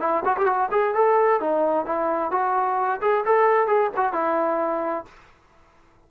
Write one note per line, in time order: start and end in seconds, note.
0.00 0.23 E4
0.25 0.36 F#4
0.37 0.46 G4
0.46 0.69 F#4
0.71 0.94 G#4
0.94 1.40 A4
1.40 1.86 D#4
1.86 2.31 E4
2.31 3.00 F#4
3.01 3.24 G#4
3.25 3.67 A4
3.67 3.90 G#4
3.96 4.13 F#4
4.13 5.05 E4